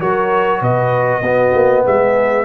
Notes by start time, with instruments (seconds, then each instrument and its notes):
0.00 tuba F#3, trombone F#4, horn A#4, trumpet C#5
0.60 tuba B2, horn B4, trumpet D#5
1.21 tuba B3, trombone B3, horn F#4
1.54 tuba A#3
1.85 tuba G#3, horn G#4, trumpet E5